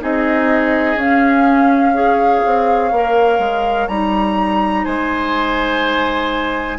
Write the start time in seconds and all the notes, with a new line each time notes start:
0.00 C4 D#4 G#4 D#5
0.95 C#4 F5
1.94 G#4 C#5
2.46 C4
2.91 A#3 A#4
3.39 G#3
3.88 G3 D#4 A#5
4.84 G#3 C5 G#5